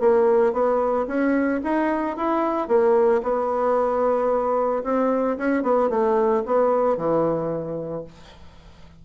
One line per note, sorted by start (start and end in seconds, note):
0.00 0.53 A#3
0.53 1.06 B3
1.07 1.60 C#4
1.63 2.17 D#4
2.17 2.68 E4
2.68 3.21 A#3
3.22 4.83 B3
4.83 5.37 C4
5.38 5.63 C#4
5.63 5.89 B3
5.89 6.43 A3
6.45 6.97 B3
6.97 8.04 E3